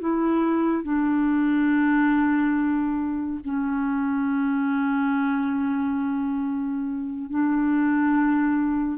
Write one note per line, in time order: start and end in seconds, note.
0.00 0.83 E4
0.83 3.41 D4
3.44 7.30 C#4
7.30 8.98 D4